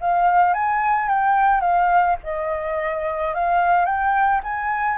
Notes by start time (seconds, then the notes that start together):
0.00 F5
0.54 G#5
1.08 G5
1.60 F5
2.23 D#5
3.34 F5
3.85 G5
4.43 G#5